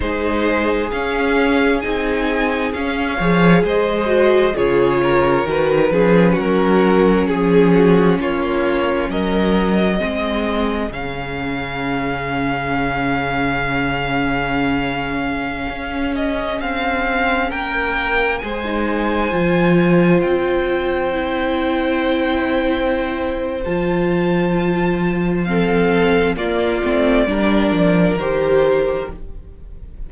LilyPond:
<<
  \new Staff \with { instrumentName = "violin" } { \time 4/4 \tempo 4 = 66 c''4 f''4 gis''4 f''4 | dis''4 cis''4 b'4 ais'4 | gis'4 cis''4 dis''2 | f''1~ |
f''4.~ f''16 dis''8 f''4 g''8.~ | g''16 gis''2 g''4.~ g''16~ | g''2 a''2 | f''4 d''2 c''4 | }
  \new Staff \with { instrumentName = "violin" } { \time 4/4 gis'2.~ gis'8 cis''8 | c''4 gis'8 ais'4 gis'8 fis'4 | gis'8 fis'8 f'4 ais'4 gis'4~ | gis'1~ |
gis'2.~ gis'16 ais'8.~ | ais'16 c''2.~ c''8.~ | c''1 | a'4 f'4 ais'2 | }
  \new Staff \with { instrumentName = "viola" } { \time 4/4 dis'4 cis'4 dis'4 cis'8 gis'8~ | gis'8 fis'8 f'4 fis'8 cis'4.~ | cis'2. c'4 | cis'1~ |
cis'1~ | cis'16 gis'16 dis'8. f'2 e'8.~ | e'2 f'2 | c'4 ais8 c'8 d'4 g'4 | }
  \new Staff \with { instrumentName = "cello" } { \time 4/4 gis4 cis'4 c'4 cis'8 f8 | gis4 cis4 dis8 f8 fis4 | f4 ais4 fis4 gis4 | cis1~ |
cis4~ cis16 cis'4 c'4 ais8.~ | ais16 gis4 f4 c'4.~ c'16~ | c'2 f2~ | f4 ais8 a8 g8 f8 dis4 | }
>>